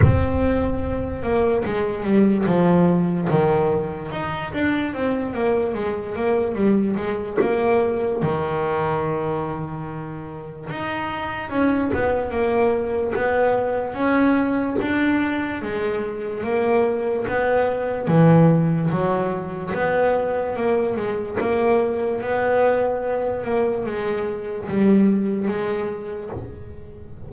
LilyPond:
\new Staff \with { instrumentName = "double bass" } { \time 4/4 \tempo 4 = 73 c'4. ais8 gis8 g8 f4 | dis4 dis'8 d'8 c'8 ais8 gis8 ais8 | g8 gis8 ais4 dis2~ | dis4 dis'4 cis'8 b8 ais4 |
b4 cis'4 d'4 gis4 | ais4 b4 e4 fis4 | b4 ais8 gis8 ais4 b4~ | b8 ais8 gis4 g4 gis4 | }